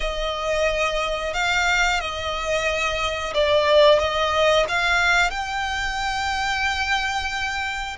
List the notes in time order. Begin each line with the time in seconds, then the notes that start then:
0.00 D#5
1.33 F5
2.00 D#5
3.34 D5
3.99 D#5
4.68 F5
5.30 G5